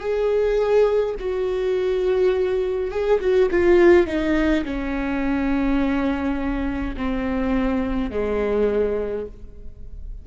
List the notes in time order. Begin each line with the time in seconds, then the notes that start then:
0.00 G#4
1.20 F#4
2.92 G#4
3.20 F#4
3.51 F4
4.07 D#4
4.65 C#4
6.97 C4
8.11 G#3